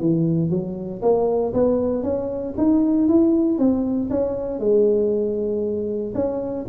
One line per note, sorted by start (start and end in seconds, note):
0.00 0.50 E3
0.50 1.02 F#3
1.02 1.53 A#3
1.53 2.03 B3
2.03 2.54 C#4
2.57 3.08 D#4
3.08 3.58 E4
3.58 4.10 C4
4.10 4.60 C#4
4.60 6.14 G#3
6.15 6.66 C#4